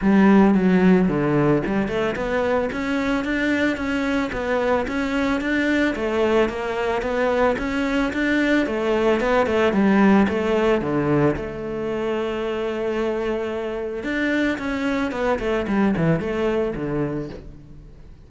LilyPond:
\new Staff \with { instrumentName = "cello" } { \time 4/4 \tempo 4 = 111 g4 fis4 d4 g8 a8 | b4 cis'4 d'4 cis'4 | b4 cis'4 d'4 a4 | ais4 b4 cis'4 d'4 |
a4 b8 a8 g4 a4 | d4 a2.~ | a2 d'4 cis'4 | b8 a8 g8 e8 a4 d4 | }